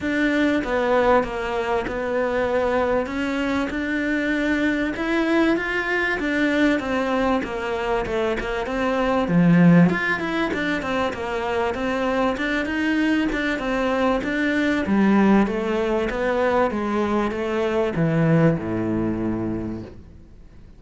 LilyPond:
\new Staff \with { instrumentName = "cello" } { \time 4/4 \tempo 4 = 97 d'4 b4 ais4 b4~ | b4 cis'4 d'2 | e'4 f'4 d'4 c'4 | ais4 a8 ais8 c'4 f4 |
f'8 e'8 d'8 c'8 ais4 c'4 | d'8 dis'4 d'8 c'4 d'4 | g4 a4 b4 gis4 | a4 e4 a,2 | }